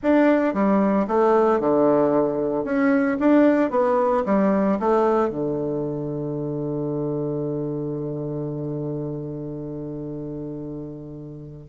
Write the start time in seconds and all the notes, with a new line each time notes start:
0.03 D4
0.53 G3
1.07 A3
1.60 D3
2.64 C#4
3.19 D4
3.70 B3
4.25 G3
4.79 A3
5.29 D3